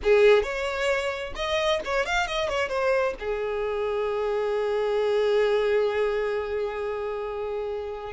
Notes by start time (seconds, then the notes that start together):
0.03 G#4
0.43 C#5
1.35 D#5
1.84 C#5
2.05 F5
2.26 D#5
2.49 C#5
2.68 C5
3.19 G#4